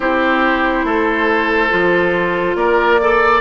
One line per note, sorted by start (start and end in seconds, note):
0.00 0.84 C4
0.00 1.70 E4
0.00 0.85 G4
0.00 2.56 C5
0.84 1.69 A3
0.84 2.57 A4
1.70 2.55 F3
1.70 2.98 F4
2.55 3.40 A#3
2.55 3.00 A#4
2.55 3.41 D5
3.00 3.41 A4
3.00 3.41 D5